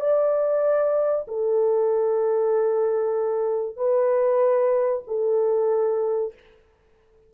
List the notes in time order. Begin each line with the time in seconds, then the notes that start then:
0.00 D5
1.28 A4
3.76 B4
5.07 A4